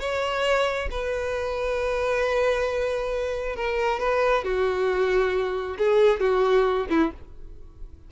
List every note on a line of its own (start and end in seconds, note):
0.00 0.89 C#5
0.91 3.56 B4
3.56 4.00 A#4
4.00 4.44 B4
4.44 5.77 F#4
5.78 6.20 G#4
6.20 6.87 F#4
6.89 7.12 E4